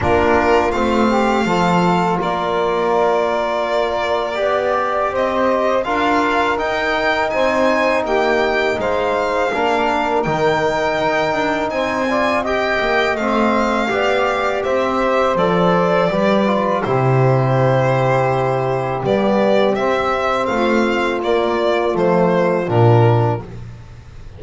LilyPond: <<
  \new Staff \with { instrumentName = "violin" } { \time 4/4 \tempo 4 = 82 ais'4 f''2 d''4~ | d''2. dis''4 | f''4 g''4 gis''4 g''4 | f''2 g''2 |
gis''4 g''4 f''2 | e''4 d''2 c''4~ | c''2 d''4 e''4 | f''4 d''4 c''4 ais'4 | }
  \new Staff \with { instrumentName = "saxophone" } { \time 4/4 f'4. g'8 a'4 ais'4~ | ais'2 d''4 c''4 | ais'2 c''4 g'4 | c''4 ais'2. |
c''8 d''8 dis''2 d''4 | c''2 b'4 g'4~ | g'1 | f'1 | }
  \new Staff \with { instrumentName = "trombone" } { \time 4/4 d'4 c'4 f'2~ | f'2 g'2 | f'4 dis'2.~ | dis'4 d'4 dis'2~ |
dis'8 f'8 g'4 c'4 g'4~ | g'4 a'4 g'8 f'8 e'4~ | e'2 b4 c'4~ | c'4 ais4 a4 d'4 | }
  \new Staff \with { instrumentName = "double bass" } { \time 4/4 ais4 a4 f4 ais4~ | ais2 b4 c'4 | d'4 dis'4 c'4 ais4 | gis4 ais4 dis4 dis'8 d'8 |
c'4. ais8 a4 b4 | c'4 f4 g4 c4~ | c2 g4 c'4 | a4 ais4 f4 ais,4 | }
>>